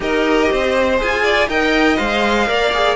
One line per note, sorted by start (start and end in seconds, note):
0.00 0.48 D#4
0.00 0.97 G4
0.00 0.51 A#4
0.00 1.00 D#5
0.51 1.01 C4
0.51 1.23 C5
0.97 1.48 F4
0.97 1.47 G#4
0.97 1.49 G#5
1.23 1.48 D5
1.48 1.97 D#4
1.48 1.97 A#4
1.48 2.48 D#5
1.48 1.96 G5
1.96 2.49 G#3
1.96 2.46 C5
1.96 2.95 F5
2.46 2.95 A#3
2.46 2.71 A#4
2.46 2.95 D5
2.73 2.95 G#4